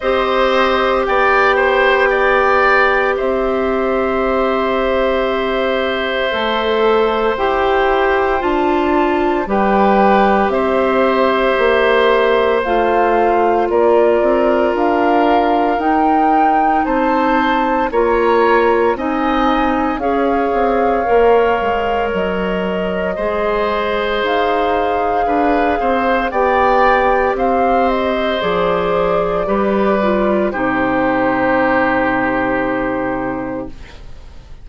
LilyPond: <<
  \new Staff \with { instrumentName = "flute" } { \time 4/4 \tempo 4 = 57 dis''4 g''2 e''4~ | e''2. g''4 | a''4 g''4 e''2 | f''4 d''4 f''4 g''4 |
a''4 ais''4 gis''4 f''4~ | f''4 dis''2 f''4~ | f''4 g''4 f''8 dis''8 d''4~ | d''4 c''2. | }
  \new Staff \with { instrumentName = "oboe" } { \time 4/4 c''4 d''8 c''8 d''4 c''4~ | c''1~ | c''4 b'4 c''2~ | c''4 ais'2. |
c''4 cis''4 dis''4 cis''4~ | cis''2 c''2 | b'8 c''8 d''4 c''2 | b'4 g'2. | }
  \new Staff \with { instrumentName = "clarinet" } { \time 4/4 g'1~ | g'2 a'4 g'4 | f'4 g'2. | f'2. dis'4~ |
dis'4 f'4 dis'4 gis'4 | ais'2 gis'2~ | gis'4 g'2 gis'4 | g'8 f'8 dis'2. | }
  \new Staff \with { instrumentName = "bassoon" } { \time 4/4 c'4 b2 c'4~ | c'2 a4 e'4 | d'4 g4 c'4 ais4 | a4 ais8 c'8 d'4 dis'4 |
c'4 ais4 c'4 cis'8 c'8 | ais8 gis8 fis4 gis4 dis'4 | d'8 c'8 b4 c'4 f4 | g4 c2. | }
>>